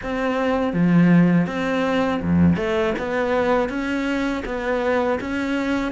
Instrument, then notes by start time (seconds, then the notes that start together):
cello
0.02 C4
0.73 F3
1.46 C4
2.22 F2
2.56 A3
2.98 B3
3.69 C#4
4.45 B3
5.20 C#4